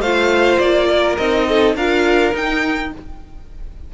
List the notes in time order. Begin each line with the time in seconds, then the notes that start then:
0.00 A3 F4 C5 F5
0.59 A#3 D5
0.90 A#4
1.17 C4 D#4 D#5
1.49 A4
1.75 D4 F4 A#4 F5
2.33 D#4 G5